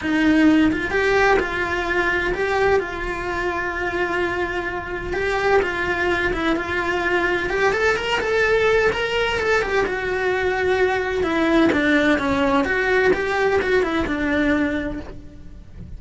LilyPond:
\new Staff \with { instrumentName = "cello" } { \time 4/4 \tempo 4 = 128 dis'4. f'8 g'4 f'4~ | f'4 g'4 f'2~ | f'2. g'4 | f'4. e'8 f'2 |
g'8 a'8 ais'8 a'4. ais'4 | a'8 g'8 fis'2. | e'4 d'4 cis'4 fis'4 | g'4 fis'8 e'8 d'2 | }